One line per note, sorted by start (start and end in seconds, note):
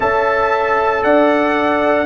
0.00 1.02 C#4
0.00 2.06 A4
0.00 1.02 E5
0.00 1.03 A5
1.02 2.06 D4
1.02 2.06 D5
1.02 2.06 F#5